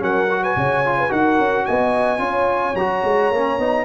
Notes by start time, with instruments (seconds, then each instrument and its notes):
0.00 tuba F#3, trombone C#4, horn A#4, trumpet F#5
0.31 trombone F#4
0.42 horn B4, trumpet G#5
0.57 tuba C#3, horn C#5
0.85 trombone F4
0.98 horn B4
1.09 tuba D#4, trombone F#4, horn A#4, trumpet F#5
1.39 tuba C#4
1.66 tuba B3, horn D#5, trumpet G#5
2.19 tuba C#4, trombone F4, horn C#5
2.75 tuba F#3, trombone F#4, trumpet A#5
3.04 tuba G#3
3.31 tuba A#3, trombone C#4
3.59 tuba B3, trombone D#4